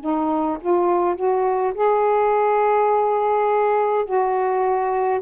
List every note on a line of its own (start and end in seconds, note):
0.00 0.58 D#4
0.61 1.16 F4
1.16 1.74 F#4
1.75 4.05 G#4
4.05 5.21 F#4